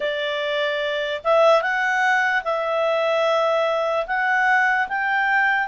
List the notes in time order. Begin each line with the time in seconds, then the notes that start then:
0.00 D5
1.23 E5
1.61 F#5
2.44 E5
4.07 F#5
4.88 G5